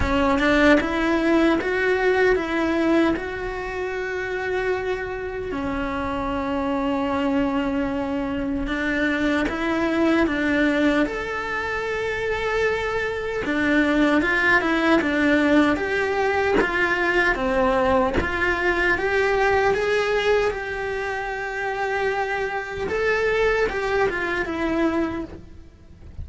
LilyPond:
\new Staff \with { instrumentName = "cello" } { \time 4/4 \tempo 4 = 76 cis'8 d'8 e'4 fis'4 e'4 | fis'2. cis'4~ | cis'2. d'4 | e'4 d'4 a'2~ |
a'4 d'4 f'8 e'8 d'4 | g'4 f'4 c'4 f'4 | g'4 gis'4 g'2~ | g'4 a'4 g'8 f'8 e'4 | }